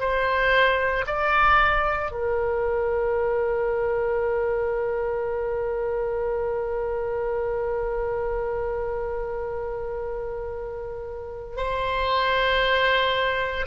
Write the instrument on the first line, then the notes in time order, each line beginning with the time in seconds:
oboe
0.00 C5
1.07 D5
2.12 A#4
11.57 C5